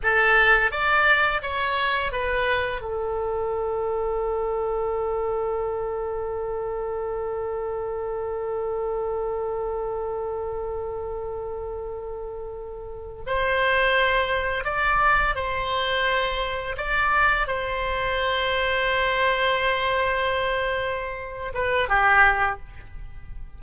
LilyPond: \new Staff \with { instrumentName = "oboe" } { \time 4/4 \tempo 4 = 85 a'4 d''4 cis''4 b'4 | a'1~ | a'1~ | a'1~ |
a'2~ a'8. c''4~ c''16~ | c''8. d''4 c''2 d''16~ | d''8. c''2.~ c''16~ | c''2~ c''8 b'8 g'4 | }